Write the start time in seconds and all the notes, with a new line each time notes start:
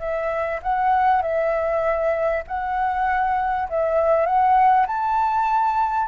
0.00 E5
0.63 F#5
1.23 E5
2.48 F#5
3.69 E5
4.26 F#5
4.87 A5